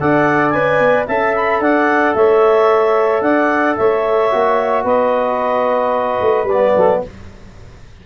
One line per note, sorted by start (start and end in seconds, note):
0.00 0.54 D4
0.00 0.55 A4
0.00 1.07 D5
0.00 0.50 F#5
0.50 0.80 C#4
0.50 1.09 B4
0.50 1.04 G#5
0.80 1.07 B3
1.07 1.60 C#4
1.07 4.31 A4
1.07 1.61 E5
1.07 1.35 A5
1.36 1.62 B5
1.60 2.14 D4
1.60 2.15 D5
1.60 2.15 F#5
2.15 3.22 A3
2.15 3.23 C#5
2.15 3.22 E5
3.22 3.76 D4
3.22 3.77 D5
3.22 3.76 F#5
3.77 4.33 A3
3.77 4.83 C#5
3.77 4.85 E5
4.31 4.85 A#3
4.31 6.48 F#4
4.83 6.20 B3
4.83 6.73 B4
4.83 6.48 D#5
6.21 6.44 A3
6.44 6.71 G3
6.44 7.02 D5
6.52 7.06 B3
6.76 7.04 F#3
6.76 7.03 A4